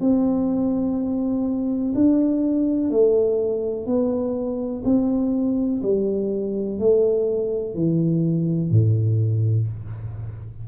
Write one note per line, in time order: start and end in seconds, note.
0.00 1.94 C4
1.94 2.90 D4
2.90 3.86 A3
3.86 4.83 B3
4.85 5.82 C4
5.83 6.79 G3
6.79 7.75 A3
7.75 8.71 E3
8.71 9.68 A2